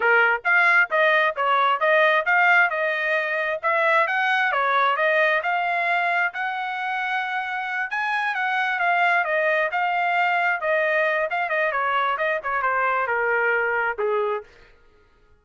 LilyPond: \new Staff \with { instrumentName = "trumpet" } { \time 4/4 \tempo 4 = 133 ais'4 f''4 dis''4 cis''4 | dis''4 f''4 dis''2 | e''4 fis''4 cis''4 dis''4 | f''2 fis''2~ |
fis''4. gis''4 fis''4 f''8~ | f''8 dis''4 f''2 dis''8~ | dis''4 f''8 dis''8 cis''4 dis''8 cis''8 | c''4 ais'2 gis'4 | }